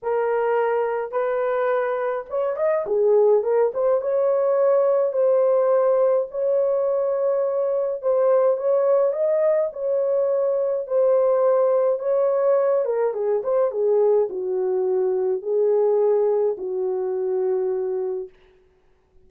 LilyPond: \new Staff \with { instrumentName = "horn" } { \time 4/4 \tempo 4 = 105 ais'2 b'2 | cis''8 dis''8 gis'4 ais'8 c''8 cis''4~ | cis''4 c''2 cis''4~ | cis''2 c''4 cis''4 |
dis''4 cis''2 c''4~ | c''4 cis''4. ais'8 gis'8 c''8 | gis'4 fis'2 gis'4~ | gis'4 fis'2. | }